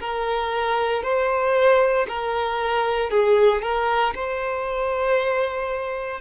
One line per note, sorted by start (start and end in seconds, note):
0.00 1.03 A#4
1.03 2.07 C5
2.08 3.10 A#4
3.10 3.62 G#4
3.62 4.14 A#4
4.15 6.21 C5